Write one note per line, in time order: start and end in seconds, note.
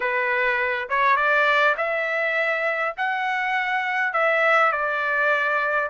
0.00 0.88 B4
0.89 1.16 C#5
1.16 1.75 D5
1.77 2.95 E5
2.97 4.13 F#5
4.13 4.72 E5
4.72 5.89 D5